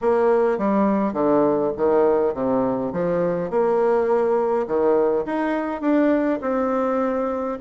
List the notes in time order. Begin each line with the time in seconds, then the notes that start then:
0.01 A#3
0.58 G3
1.13 D3
1.76 D#3
2.34 C3
2.92 F3
3.50 A#3
4.67 D#3
5.25 D#4
5.81 D4
6.41 C4